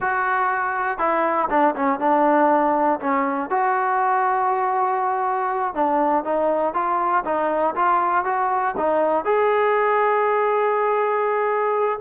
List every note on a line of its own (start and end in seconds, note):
0.00 0.98 F#4
0.98 1.48 E4
1.50 1.75 D4
1.75 1.99 C#4
1.99 2.99 D4
3.00 3.50 C#4
3.50 5.74 F#4
5.74 6.24 D4
6.24 6.74 D#4
6.74 7.24 F4
7.24 7.74 D#4
7.75 8.25 F4
8.25 8.75 F#4
8.77 9.24 D#4
9.24 11.99 G#4